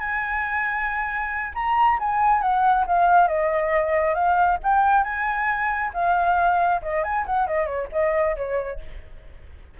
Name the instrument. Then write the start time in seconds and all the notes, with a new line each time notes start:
flute
0.00 G#5
1.55 A#5
1.99 G#5
2.42 F#5
2.87 F5
3.28 D#5
4.14 F5
4.63 G5
5.04 G#5
5.94 F5
6.82 D#5
7.04 G#5
7.26 F#5
7.48 D#5
7.66 C#5
7.92 D#5
8.36 C#5